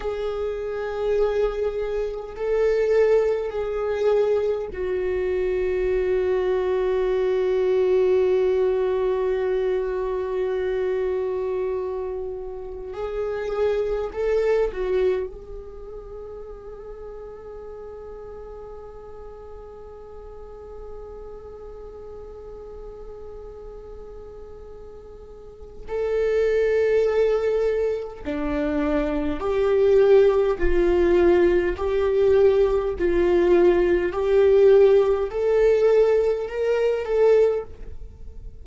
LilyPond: \new Staff \with { instrumentName = "viola" } { \time 4/4 \tempo 4 = 51 gis'2 a'4 gis'4 | fis'1~ | fis'2. gis'4 | a'8 fis'8 gis'2.~ |
gis'1~ | gis'2 a'2 | d'4 g'4 f'4 g'4 | f'4 g'4 a'4 ais'8 a'8 | }